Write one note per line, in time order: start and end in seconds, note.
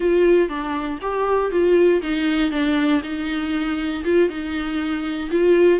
0.00 0.48 F4
0.48 0.99 D4
1.01 1.51 G4
1.51 2.01 F4
2.02 2.51 D#4
2.51 3.01 D4
3.03 4.04 D#4
4.04 4.29 F4
4.29 5.30 D#4
5.30 5.80 F4